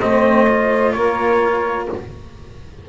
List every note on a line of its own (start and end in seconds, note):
0.00 0.95 A3
0.00 0.47 C4
0.00 0.95 C5
0.00 0.93 D#5
0.49 1.89 F4
0.93 1.89 A#3
0.93 1.89 A#4
0.93 1.87 C#5